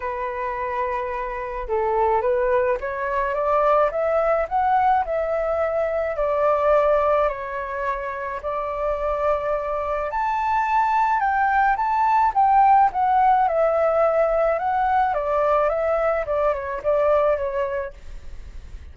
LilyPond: \new Staff \with { instrumentName = "flute" } { \time 4/4 \tempo 4 = 107 b'2. a'4 | b'4 cis''4 d''4 e''4 | fis''4 e''2 d''4~ | d''4 cis''2 d''4~ |
d''2 a''2 | g''4 a''4 g''4 fis''4 | e''2 fis''4 d''4 | e''4 d''8 cis''8 d''4 cis''4 | }